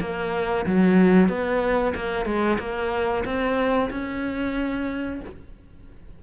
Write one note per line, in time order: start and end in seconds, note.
0.00 0.65 A#3
0.66 1.29 F#3
1.29 1.94 B3
1.95 2.25 A#3
2.25 2.58 G#3
2.59 3.24 A#3
3.24 3.90 C4
3.90 5.21 C#4